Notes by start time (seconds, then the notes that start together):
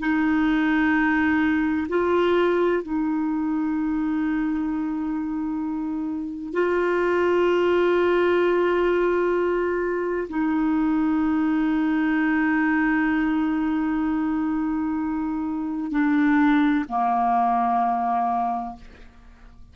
0.00 D#4
1.89 F4
2.83 D#4
6.53 F4
10.29 D#4
15.91 D4
16.89 A#3